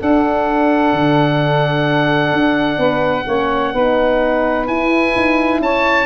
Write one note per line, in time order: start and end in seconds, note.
0.00 3.28 D4
0.00 0.93 D4
0.00 2.79 A4
0.00 4.68 F#5
0.93 2.33 D3
2.33 2.78 D4
2.78 3.25 B3
2.78 3.26 B4
3.27 3.74 A#3
3.27 3.75 C#4
3.27 3.74 C#5
3.74 4.68 B3
3.74 4.68 D#4
3.74 5.61 B4
4.68 5.15 E4
4.68 6.06 E4
4.68 5.62 G#5
5.16 5.60 D#4
5.60 6.06 C#4
5.60 6.06 C#5
5.60 6.06 A5